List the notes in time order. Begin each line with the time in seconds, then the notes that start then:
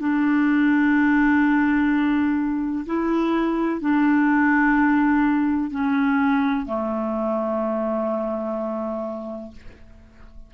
0.00 D4
2.86 E4
3.81 D4
5.71 C#4
6.66 A3